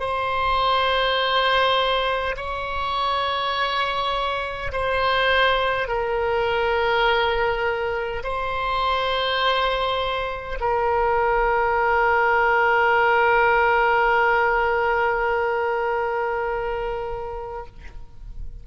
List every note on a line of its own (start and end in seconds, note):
0.00 2.35 C5
2.37 4.72 C#5
4.72 5.88 C5
5.88 8.23 A#4
8.24 10.59 C5
10.60 17.66 A#4